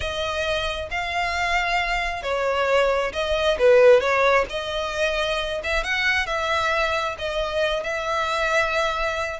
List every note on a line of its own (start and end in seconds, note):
0.00 0.89 D#5
0.90 2.22 F5
2.22 3.12 C#5
3.12 3.57 D#5
3.59 4.00 B4
4.00 4.45 C#5
4.49 5.61 D#5
5.63 5.83 E5
5.83 6.26 F#5
6.26 7.16 E5
7.18 7.83 D#5
7.83 9.40 E5